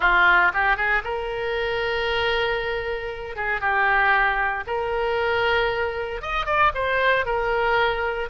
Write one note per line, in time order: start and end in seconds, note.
0.00 0.51 F4
0.53 0.76 G4
0.76 1.02 G#4
1.04 3.36 A#4
3.36 3.60 G#4
3.60 4.64 G4
4.66 6.21 A#4
6.21 6.46 D#5
6.46 6.72 D5
6.74 7.25 C5
7.25 8.29 A#4